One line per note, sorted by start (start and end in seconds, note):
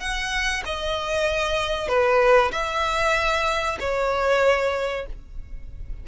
0.00 0.63 F#5
0.66 1.89 D#5
1.89 2.52 B4
2.52 3.78 E5
3.80 5.06 C#5